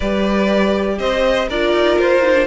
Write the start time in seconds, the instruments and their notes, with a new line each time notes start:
0.00 cello G3, viola G4, violin B4 D5
0.98 cello C4, violin C5 D#5
1.48 cello D4, viola F4, violin A#4 D5
1.73 cello D#4
1.98 cello F4, violin C5
2.23 viola D#4
2.34 viola D4